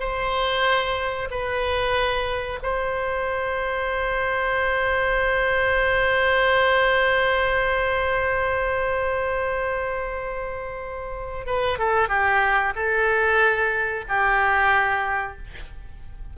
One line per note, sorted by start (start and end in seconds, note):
0.00 1.29 C5
1.30 2.60 B4
2.62 11.46 C5
11.46 11.79 B4
11.79 12.09 A4
12.09 12.73 G4
12.76 14.05 A4
14.09 15.38 G4